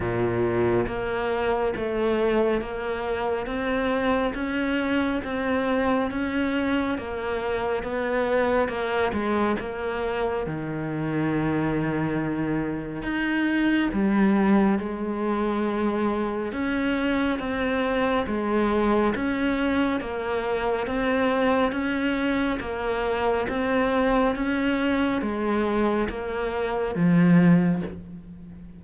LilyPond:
\new Staff \with { instrumentName = "cello" } { \time 4/4 \tempo 4 = 69 ais,4 ais4 a4 ais4 | c'4 cis'4 c'4 cis'4 | ais4 b4 ais8 gis8 ais4 | dis2. dis'4 |
g4 gis2 cis'4 | c'4 gis4 cis'4 ais4 | c'4 cis'4 ais4 c'4 | cis'4 gis4 ais4 f4 | }